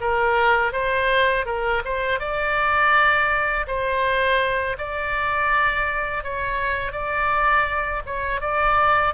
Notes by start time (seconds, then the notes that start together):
0.00 A#4
0.72 C5
1.45 A#4
1.84 C5
2.19 D5
3.67 C5
4.77 D5
6.23 C#5
6.92 D5
8.06 C#5
8.40 D5